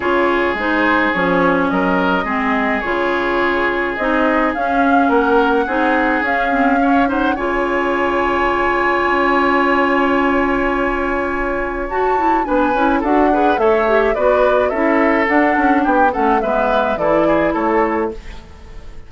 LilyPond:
<<
  \new Staff \with { instrumentName = "flute" } { \time 4/4 \tempo 4 = 106 cis''4 c''4 cis''4 dis''4~ | dis''4 cis''2 dis''4 | f''4 fis''2 f''4~ | f''8 fis''8 gis''2.~ |
gis''1~ | gis''4 a''4 gis''4 fis''4 | e''4 d''4 e''4 fis''4 | g''8 fis''8 e''4 d''4 cis''4 | }
  \new Staff \with { instrumentName = "oboe" } { \time 4/4 gis'2. ais'4 | gis'1~ | gis'4 ais'4 gis'2 | cis''8 c''8 cis''2.~ |
cis''1~ | cis''2 b'4 a'8 b'8 | cis''4 b'4 a'2 | g'8 a'8 b'4 a'8 gis'8 a'4 | }
  \new Staff \with { instrumentName = "clarinet" } { \time 4/4 f'4 dis'4 cis'2 | c'4 f'2 dis'4 | cis'2 dis'4 cis'8 c'8 | cis'8 dis'8 f'2.~ |
f'1~ | f'4 fis'8 e'8 d'8 e'8 fis'8 gis'8 | a'8 g'8 fis'4 e'4 d'4~ | d'8 cis'8 b4 e'2 | }
  \new Staff \with { instrumentName = "bassoon" } { \time 4/4 cis4 gis4 f4 fis4 | gis4 cis2 c'4 | cis'4 ais4 c'4 cis'4~ | cis'4 cis2. |
cis'1~ | cis'4 fis'4 b8 cis'8 d'4 | a4 b4 cis'4 d'8 cis'8 | b8 a8 gis4 e4 a4 | }
>>